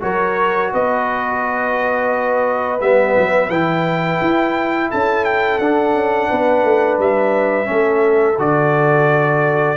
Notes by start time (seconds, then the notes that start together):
0.00 F#3 F#4 A#4 C#5
0.73 B3 B4 D#5
2.80 G3 B3 E5
3.16 F#3
3.49 E3 E4 G5
4.22 E4
4.90 C#4 A4 A5
5.25 G5
5.58 D4 F#5
5.93 C#4
6.29 B3 B4
6.63 A3
6.98 G3 E5
7.64 A3 C#4
7.70 A4
8.38 D3 F#4 D5